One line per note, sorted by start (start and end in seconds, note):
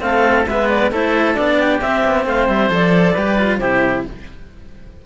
0.00 0.46 A3
0.00 0.45 C4
0.00 0.50 A4
0.00 0.47 F5
0.47 0.92 G#3
0.47 0.92 B3
0.47 0.92 B4
0.47 0.70 E5
0.70 0.92 D5
0.92 1.36 A3
0.92 1.35 E4
0.92 1.59 A4
0.92 1.35 C5
1.35 1.82 B3
1.35 1.80 D4
1.35 1.80 D5
1.60 2.27 G4
1.81 2.04 C4
1.81 2.70 C4
1.81 2.26 E5
2.06 2.26 B3
2.26 2.48 A3
2.26 3.14 C5
2.26 2.48 F5
2.48 2.70 G3
2.48 2.71 E5
2.70 3.15 F3
2.70 3.15 A4
2.70 3.59 D5
3.14 3.60 G3
3.14 3.39 G4
3.14 3.59 B4
3.39 3.61 F4
3.59 4.05 C3
3.59 4.06 E4
3.59 4.05 G4
3.59 4.03 C5